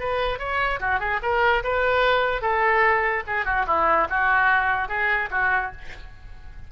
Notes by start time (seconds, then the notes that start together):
0.00 B4
0.39 C#5
0.80 F#4
1.00 G#4
1.23 A#4
1.64 B4
2.42 A4
3.27 G#4
3.45 F#4
3.67 E4
4.10 F#4
4.89 G#4
5.31 F#4